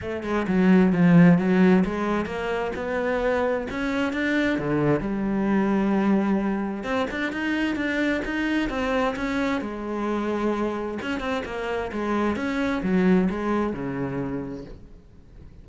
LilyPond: \new Staff \with { instrumentName = "cello" } { \time 4/4 \tempo 4 = 131 a8 gis8 fis4 f4 fis4 | gis4 ais4 b2 | cis'4 d'4 d4 g4~ | g2. c'8 d'8 |
dis'4 d'4 dis'4 c'4 | cis'4 gis2. | cis'8 c'8 ais4 gis4 cis'4 | fis4 gis4 cis2 | }